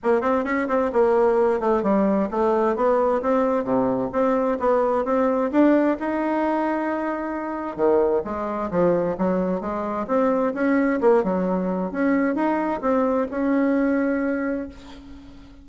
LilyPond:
\new Staff \with { instrumentName = "bassoon" } { \time 4/4 \tempo 4 = 131 ais8 c'8 cis'8 c'8 ais4. a8 | g4 a4 b4 c'4 | c4 c'4 b4 c'4 | d'4 dis'2.~ |
dis'4 dis4 gis4 f4 | fis4 gis4 c'4 cis'4 | ais8 fis4. cis'4 dis'4 | c'4 cis'2. | }